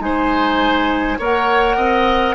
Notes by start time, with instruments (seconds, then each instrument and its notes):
0.00 bassoon G#3, clarinet D#4, oboe C5, flute G#5
1.19 bassoon A#3, clarinet A#4, oboe C#5, flute F#5
1.76 bassoon C4, oboe D#5